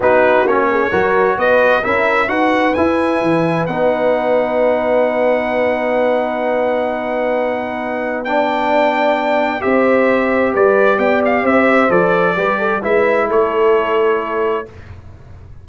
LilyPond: <<
  \new Staff \with { instrumentName = "trumpet" } { \time 4/4 \tempo 4 = 131 b'4 cis''2 dis''4 | e''4 fis''4 gis''2 | fis''1~ | fis''1~ |
fis''2 g''2~ | g''4 e''2 d''4 | g''8 f''8 e''4 d''2 | e''4 cis''2. | }
  \new Staff \with { instrumentName = "horn" } { \time 4/4 fis'4. gis'8 ais'4 b'4 | ais'4 b'2.~ | b'1~ | b'1~ |
b'2 d''2~ | d''4 c''2 b'4 | d''4 c''2 b'8 a'8 | b'4 a'2. | }
  \new Staff \with { instrumentName = "trombone" } { \time 4/4 dis'4 cis'4 fis'2 | e'4 fis'4 e'2 | dis'1~ | dis'1~ |
dis'2 d'2~ | d'4 g'2.~ | g'2 a'4 g'4 | e'1 | }
  \new Staff \with { instrumentName = "tuba" } { \time 4/4 b4 ais4 fis4 b4 | cis'4 dis'4 e'4 e4 | b1~ | b1~ |
b1~ | b4 c'2 g4 | b4 c'4 f4 g4 | gis4 a2. | }
>>